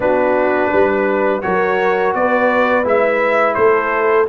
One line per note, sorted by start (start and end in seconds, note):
0.00 0.71 B3
0.00 1.42 D4
0.00 0.70 F#4
0.00 1.41 B4
0.70 1.43 G3
0.70 1.42 B4
1.41 2.14 F#3
1.41 2.83 F#4
1.41 2.16 A#4
1.41 2.13 C#5
2.14 2.85 B3
2.14 3.57 B4
2.14 2.86 D5
2.83 3.56 G#3
2.83 4.26 E4
2.83 3.54 E5
3.54 4.28 A3
3.54 4.28 A4
3.54 4.25 C5